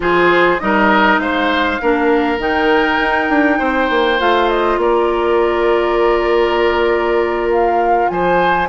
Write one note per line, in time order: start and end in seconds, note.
0.00 0.58 F3
0.00 0.58 F4
0.00 0.61 G#4
0.00 0.59 C5
0.59 1.18 G3
0.59 1.79 D#4
0.59 1.21 A#4
0.59 1.19 D#5
1.18 1.78 G#3
1.18 1.81 C5
1.18 2.39 F5
1.80 2.38 A#3
1.80 2.38 D4
1.80 3.58 A#4
2.38 2.98 D#3
2.38 4.18 D#4
2.38 4.20 G5
2.99 3.29 D#4
3.29 3.59 D4
3.58 3.89 C4
3.58 4.78 C5
3.89 4.19 A#3
4.18 4.77 A3
4.18 8.68 F4
4.18 4.49 F5
4.49 4.79 D#5
4.77 8.07 A#3
4.77 8.11 A#4
4.77 7.50 D5
7.51 8.09 F5
8.09 8.68 F3
8.09 8.68 C5
8.09 8.68 G#5